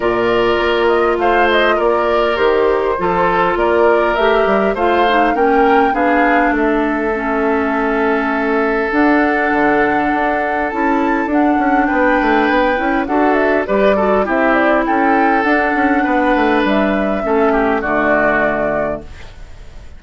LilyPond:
<<
  \new Staff \with { instrumentName = "flute" } { \time 4/4 \tempo 4 = 101 d''4. dis''8 f''8 dis''8 d''4 | c''2 d''4 e''4 | f''4 g''4 f''4 e''4~ | e''2. fis''4~ |
fis''2 a''4 fis''4 | g''2 fis''8 e''8 d''4 | e''8 d''8 g''4 fis''2 | e''2 d''2 | }
  \new Staff \with { instrumentName = "oboe" } { \time 4/4 ais'2 c''4 ais'4~ | ais'4 a'4 ais'2 | c''4 ais'4 gis'4 a'4~ | a'1~ |
a'1 | b'2 a'4 b'8 a'8 | g'4 a'2 b'4~ | b'4 a'8 g'8 fis'2 | }
  \new Staff \with { instrumentName = "clarinet" } { \time 4/4 f'1 | g'4 f'2 g'4 | f'8 dis'8 cis'4 d'2 | cis'2. d'4~ |
d'2 e'4 d'4~ | d'4. e'8 fis'4 g'8 fis'8 | e'2 d'2~ | d'4 cis'4 a2 | }
  \new Staff \with { instrumentName = "bassoon" } { \time 4/4 ais,4 ais4 a4 ais4 | dis4 f4 ais4 a8 g8 | a4 ais4 b4 a4~ | a2. d'4 |
d4 d'4 cis'4 d'8 cis'8 | b8 a8 b8 cis'8 d'4 g4 | c'4 cis'4 d'8 cis'8 b8 a8 | g4 a4 d2 | }
>>